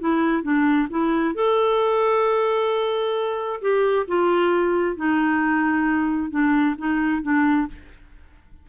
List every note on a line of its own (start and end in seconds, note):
0.00 0.43 E4
0.43 0.88 D4
0.90 1.35 E4
1.35 3.61 A4
3.62 4.07 G4
4.08 4.97 F4
4.97 6.31 D#4
6.31 6.76 D4
6.79 7.23 D#4
7.23 7.68 D4